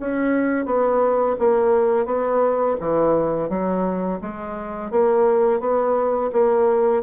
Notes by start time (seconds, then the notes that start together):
0.00 C#4
0.66 B3
1.39 A#3
2.06 B3
2.80 E3
3.50 F#3
4.22 G#3
4.91 A#3
5.61 B3
6.33 A#3